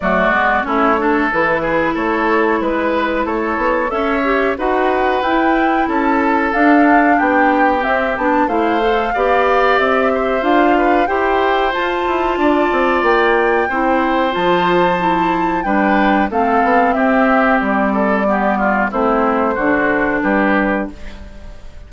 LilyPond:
<<
  \new Staff \with { instrumentName = "flute" } { \time 4/4 \tempo 4 = 92 d''4 cis''4 b'4 cis''4 | b'4 cis''4 e''4 fis''4 | g''4 a''4 f''4 g''4 | e''8 a''8 f''2 e''4 |
f''4 g''4 a''2 | g''2 a''2 | g''4 f''4 e''4 d''4~ | d''4 c''2 b'4 | }
  \new Staff \with { instrumentName = "oboe" } { \time 4/4 fis'4 e'8 a'4 gis'8 a'4 | b'4 a'4 cis''4 b'4~ | b'4 a'2 g'4~ | g'4 c''4 d''4. c''8~ |
c''8 b'8 c''2 d''4~ | d''4 c''2. | b'4 a'4 g'4. a'8 | g'8 f'8 e'4 fis'4 g'4 | }
  \new Staff \with { instrumentName = "clarinet" } { \time 4/4 a8 b8 cis'8 d'8 e'2~ | e'2 a'8 g'8 fis'4 | e'2 d'2 | c'8 d'8 e'8 a'8 g'2 |
f'4 g'4 f'2~ | f'4 e'4 f'4 e'4 | d'4 c'2. | b4 c'4 d'2 | }
  \new Staff \with { instrumentName = "bassoon" } { \time 4/4 fis8 gis8 a4 e4 a4 | gis4 a8 b8 cis'4 dis'4 | e'4 cis'4 d'4 b4 | c'8 b8 a4 b4 c'4 |
d'4 e'4 f'8 e'8 d'8 c'8 | ais4 c'4 f2 | g4 a8 b8 c'4 g4~ | g4 a4 d4 g4 | }
>>